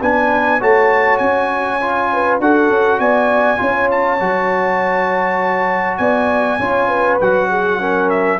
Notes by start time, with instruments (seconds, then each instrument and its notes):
0.00 tuba B3, trombone D4, horn B4, trumpet G#5
0.59 tuba A3, trombone F#4, horn C#5, trumpet A5
1.17 tuba C#4, trumpet G#5
1.81 trombone F4
2.12 horn B4
2.39 tuba D4, trombone F#4, horn A4, trumpet F#5
2.69 tuba C#4
2.99 tuba B3, horn D5, trumpet G#5
3.57 tuba C#4, trombone F4, horn C#5
3.90 trumpet A5
4.20 tuba F#3, trombone F#4
5.97 tuba B3, horn D5, trumpet G#5
6.59 tuba C#4, trombone F4, horn C#5
6.88 horn B4
7.20 tuba F#3, trombone F#4, trumpet F#5
7.49 horn G#4
7.79 trombone C#4, horn A#4
8.09 trumpet E5